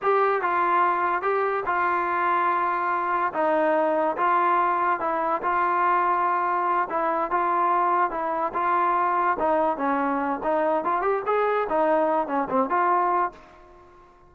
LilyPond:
\new Staff \with { instrumentName = "trombone" } { \time 4/4 \tempo 4 = 144 g'4 f'2 g'4 | f'1 | dis'2 f'2 | e'4 f'2.~ |
f'8 e'4 f'2 e'8~ | e'8 f'2 dis'4 cis'8~ | cis'4 dis'4 f'8 g'8 gis'4 | dis'4. cis'8 c'8 f'4. | }